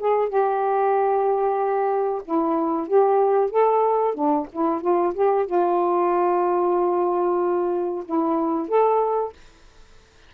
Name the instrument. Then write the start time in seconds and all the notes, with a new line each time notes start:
saxophone
0.00 G#4
0.29 G4
2.25 E4
2.88 G4
3.51 A4
4.15 D4
4.52 E4
4.82 F4
5.14 G4
5.46 F4
8.06 E4
8.69 A4